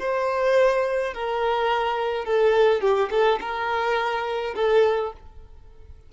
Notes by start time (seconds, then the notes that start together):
0.00 C5
1.14 A#4
2.25 A4
2.82 G4
3.11 A4
3.41 A#4
4.56 A4